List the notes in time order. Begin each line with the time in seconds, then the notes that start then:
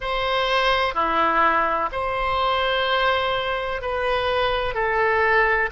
0.00 C5
0.94 E4
1.92 C5
3.81 B4
4.74 A4